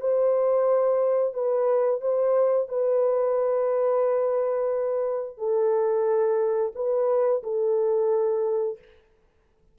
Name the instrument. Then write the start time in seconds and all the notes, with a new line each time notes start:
horn
0.00 C5
1.34 B4
2.01 C5
2.68 B4
5.37 A4
6.75 B4
7.43 A4